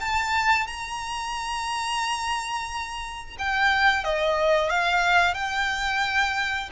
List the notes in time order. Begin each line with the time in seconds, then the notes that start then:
0.00 A5
0.67 A#5
3.38 G5
4.04 D#5
4.69 F5
5.34 G5